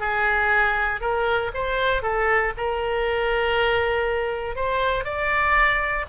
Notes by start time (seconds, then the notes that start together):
0.00 G#4
1.01 A#4
1.54 C5
2.03 A4
2.57 A#4
4.56 C5
5.05 D5